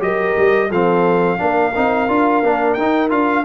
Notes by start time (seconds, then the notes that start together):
0.00 F#3 G4 A#4 D#5
0.38 G3
0.69 F3 C4 A4 F5
1.37 A#3 D4 A#4
1.75 C4 D#4
2.08 D4 F4
2.43 A#3 D4
2.74 D#4 G5
3.10 D4 F4 F5